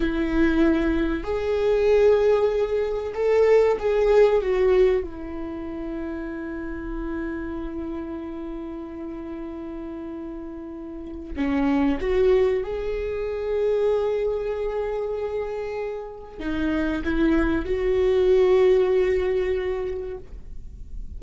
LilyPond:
\new Staff \with { instrumentName = "viola" } { \time 4/4 \tempo 4 = 95 e'2 gis'2~ | gis'4 a'4 gis'4 fis'4 | e'1~ | e'1~ |
e'2 cis'4 fis'4 | gis'1~ | gis'2 dis'4 e'4 | fis'1 | }